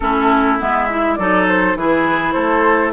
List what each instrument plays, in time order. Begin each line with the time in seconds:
0.00 bassoon A3, clarinet C#4, oboe E4, flute A4
0.59 bassoon G#3, clarinet B3, flute E5
0.89 clarinet E4
1.15 bassoon F#3, clarinet D#4, oboe A4, flute D5
1.48 flute C5
1.75 bassoon E3, clarinet E4, oboe G#4, flute B4
2.32 bassoon A3, oboe A4, flute C5